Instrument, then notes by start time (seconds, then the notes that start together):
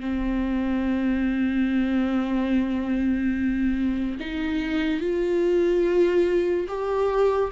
viola
0.00 C4
4.20 D#4
5.00 F4
6.67 G4